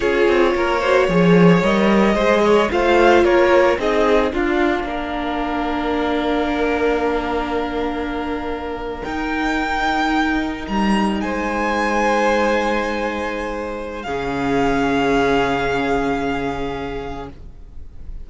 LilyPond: <<
  \new Staff \with { instrumentName = "violin" } { \time 4/4 \tempo 4 = 111 cis''2. dis''4~ | dis''4 f''4 cis''4 dis''4 | f''1~ | f''1~ |
f''8. g''2. ais''16~ | ais''8. gis''2.~ gis''16~ | gis''2 f''2~ | f''1 | }
  \new Staff \with { instrumentName = "violin" } { \time 4/4 gis'4 ais'8 c''8 cis''2 | c''8 cis''8 c''4 ais'4 gis'4 | f'4 ais'2.~ | ais'1~ |
ais'1~ | ais'8. c''2.~ c''16~ | c''2 gis'2~ | gis'1 | }
  \new Staff \with { instrumentName = "viola" } { \time 4/4 f'4. fis'8 gis'4 ais'4 | gis'4 f'2 dis'4 | d'1~ | d'1~ |
d'8. dis'2.~ dis'16~ | dis'1~ | dis'2 cis'2~ | cis'1 | }
  \new Staff \with { instrumentName = "cello" } { \time 4/4 cis'8 c'8 ais4 f4 g4 | gis4 a4 ais4 c'4 | d'4 ais2.~ | ais1~ |
ais8. dis'2. g16~ | g8. gis2.~ gis16~ | gis2 cis2~ | cis1 | }
>>